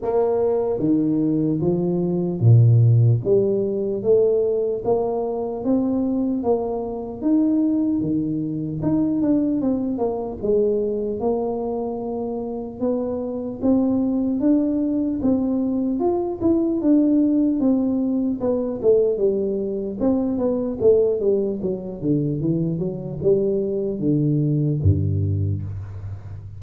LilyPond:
\new Staff \with { instrumentName = "tuba" } { \time 4/4 \tempo 4 = 75 ais4 dis4 f4 ais,4 | g4 a4 ais4 c'4 | ais4 dis'4 dis4 dis'8 d'8 | c'8 ais8 gis4 ais2 |
b4 c'4 d'4 c'4 | f'8 e'8 d'4 c'4 b8 a8 | g4 c'8 b8 a8 g8 fis8 d8 | e8 fis8 g4 d4 g,4 | }